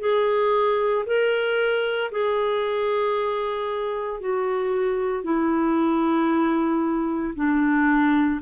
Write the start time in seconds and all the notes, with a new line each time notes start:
0.00 G#4
1.06 A#4
2.11 G#4
4.20 F#4
5.24 E4
7.35 D4